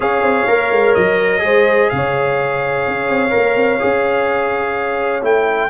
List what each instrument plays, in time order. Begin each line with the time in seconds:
0.00 tuba C#4, trombone G#4, horn C#5, trumpet F5
0.22 tuba C4
0.47 tuba A#3, trombone A#4
0.71 tuba G#3
0.94 tuba F#3, trumpet D#5
1.38 tuba G#3, trombone G#4, horn C5
1.89 tuba C#3, horn C#5, trumpet F5
2.87 tuba C#4
3.08 tuba C4
3.30 trombone A#4
3.36 tuba A#3
3.55 tuba C4
3.79 tuba C#4, trombone G#4
5.22 tuba A3, trombone E4, trumpet G5